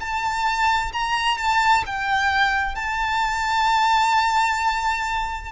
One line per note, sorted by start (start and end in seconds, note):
0.00 0.92 A5
0.93 1.38 A#5
1.38 1.84 A5
1.86 2.75 G5
2.75 5.52 A5